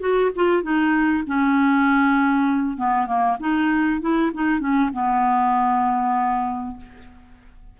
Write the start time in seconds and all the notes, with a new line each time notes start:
0.00 F#4
0.36 F4
0.63 D#4
1.27 C#4
2.77 B3
3.07 A#3
3.40 D#4
4.01 E4
4.34 D#4
4.60 C#4
4.93 B3